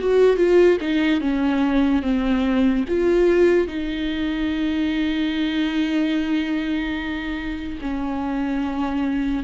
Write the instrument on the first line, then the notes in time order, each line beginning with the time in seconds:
viola
0.00 F#4
0.37 F4
0.81 D#4
1.21 C#4
2.02 C4
2.88 F4
3.68 D#4
7.82 C#4